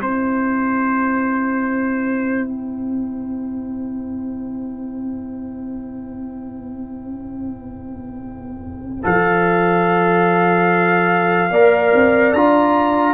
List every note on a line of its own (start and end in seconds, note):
0.00 9.05 C4
0.00 9.03 E4
0.00 11.51 C5
0.00 2.48 C5
2.49 9.04 G5
9.03 11.51 F3
9.03 11.50 A4
9.03 12.33 F5
11.51 11.92 A#3
11.51 12.36 A#4
11.51 13.14 D5
11.95 12.34 C4
12.33 13.14 D4
12.33 13.14 F4
12.33 13.14 A#5